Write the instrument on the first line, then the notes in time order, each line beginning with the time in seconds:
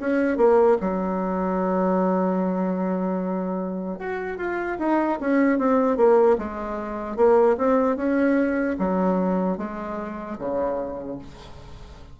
bassoon
0.00 C#4
0.37 A#3
0.81 F#3
3.99 F#4
4.38 F4
4.79 D#4
5.21 C#4
5.59 C4
5.97 A#3
6.38 G#3
7.16 A#3
7.58 C4
7.97 C#4
8.79 F#3
9.57 G#3
10.39 C#3